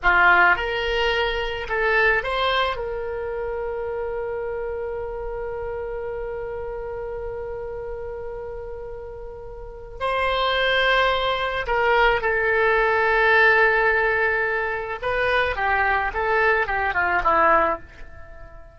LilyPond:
\new Staff \with { instrumentName = "oboe" } { \time 4/4 \tempo 4 = 108 f'4 ais'2 a'4 | c''4 ais'2.~ | ais'1~ | ais'1~ |
ais'2 c''2~ | c''4 ais'4 a'2~ | a'2. b'4 | g'4 a'4 g'8 f'8 e'4 | }